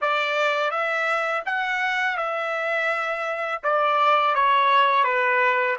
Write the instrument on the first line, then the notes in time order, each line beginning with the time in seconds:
trumpet
0.01 D5
0.70 E5
1.45 F#5
2.17 E5
3.63 D5
4.34 C#5
5.04 B4